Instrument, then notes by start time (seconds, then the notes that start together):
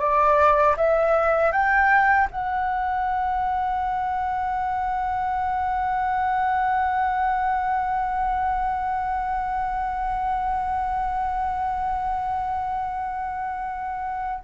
flute
0.00 D5
0.77 E5
1.52 G5
2.31 F#5